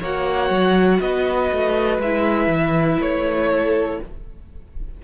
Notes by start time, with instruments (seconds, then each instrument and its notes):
0.00 cello A#3, viola F#4, violin C#5 F#5
0.50 cello F#3
1.01 cello B3, violin B4 D#5
1.52 cello A3
1.99 cello G#3, viola E4, violin E5
2.47 cello E3
3.00 cello A3, violin C#5
3.49 violin A4